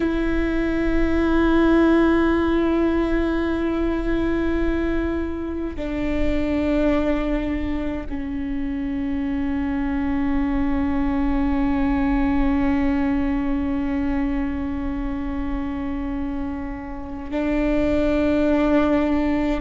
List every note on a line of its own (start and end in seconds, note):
0.00 5.75 E4
5.75 8.06 D4
8.09 17.31 C#4
17.31 19.60 D4